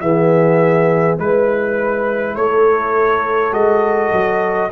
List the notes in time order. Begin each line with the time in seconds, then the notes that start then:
0.00 E3 B3 G#4 E5
1.18 G#3 E4 B4
2.35 A3 A4 C#5
3.52 G#3 F#4 D#5
4.12 F#3